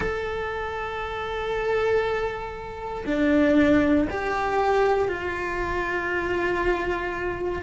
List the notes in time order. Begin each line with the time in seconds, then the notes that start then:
0.00 A4
3.06 D4
4.10 G4
5.08 F4